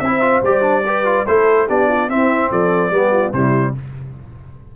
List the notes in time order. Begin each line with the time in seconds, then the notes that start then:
0.00 C4 E4 C5 E5
0.21 F4
0.42 G3 G4 D5
0.62 D4
0.87 G4 B4
1.06 F4
1.27 A3 E4 A4 C5
1.68 B3 D4 G4 D5
1.88 F4
2.09 C4 E4 E5
2.51 F3 A4 D5
2.91 G3 B3 G4
3.12 F4
3.33 C3 G3 E4 C5